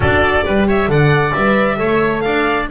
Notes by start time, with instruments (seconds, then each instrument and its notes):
0.00 double bass D4, horn F#4, oboe A4, violin D5
0.45 double bass G3, horn G4, oboe B4
0.67 oboe C#5, violin E5
0.87 double bass D3, horn A4, oboe D5, violin F#5
1.33 double bass G3, horn B4, violin E5
1.76 double bass A3, horn A4, oboe C#5
2.20 double bass D4, oboe D5, violin F5